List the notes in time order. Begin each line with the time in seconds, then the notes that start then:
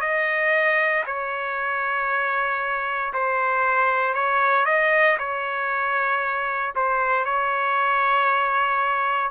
0.00 D#5
1.06 C#5
3.13 C5
4.14 C#5
4.65 D#5
5.18 C#5
6.75 C5
7.25 C#5